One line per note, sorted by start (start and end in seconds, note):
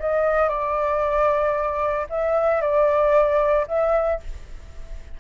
0.00 0.49 D#5
0.49 2.07 D5
2.10 2.61 E5
2.61 3.67 D5
3.68 4.21 E5